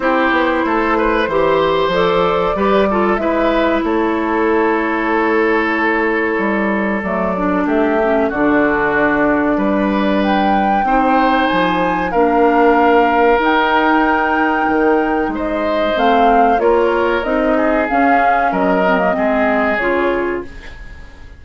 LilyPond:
<<
  \new Staff \with { instrumentName = "flute" } { \time 4/4 \tempo 4 = 94 c''2. d''4~ | d''4 e''4 cis''2~ | cis''2. d''4 | e''4 d''2. |
g''2 gis''4 f''4~ | f''4 g''2. | dis''4 f''4 cis''4 dis''4 | f''4 dis''2 cis''4 | }
  \new Staff \with { instrumentName = "oboe" } { \time 4/4 g'4 a'8 b'8 c''2 | b'8 a'8 b'4 a'2~ | a'1 | g'4 fis'2 b'4~ |
b'4 c''2 ais'4~ | ais'1 | c''2 ais'4. gis'8~ | gis'4 ais'4 gis'2 | }
  \new Staff \with { instrumentName = "clarinet" } { \time 4/4 e'2 g'4 a'4 | g'8 f'8 e'2.~ | e'2. a8 d'8~ | d'8 cis'8 d'2.~ |
d'4 dis'2 d'4~ | d'4 dis'2.~ | dis'4 c'4 f'4 dis'4 | cis'4. c'16 ais16 c'4 f'4 | }
  \new Staff \with { instrumentName = "bassoon" } { \time 4/4 c'8 b8 a4 e4 f4 | g4 gis4 a2~ | a2 g4 fis4 | a4 d2 g4~ |
g4 c'4 f4 ais4~ | ais4 dis'2 dis4 | gis4 a4 ais4 c'4 | cis'4 fis4 gis4 cis4 | }
>>